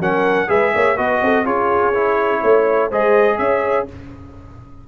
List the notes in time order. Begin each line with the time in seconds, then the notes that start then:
0.00 F#3 C#4 A#4 F#5
0.48 G#3 G#4 B4 E5
0.75 A#3 C#5
0.97 B3 F#4 B4 D#5
1.21 C4 A4
1.45 C#4 F4 G#4 C#5
1.94 E4
2.42 A3 C#5
2.89 G#3 G#4 C5 D#5
3.38 C#4 C#5 E5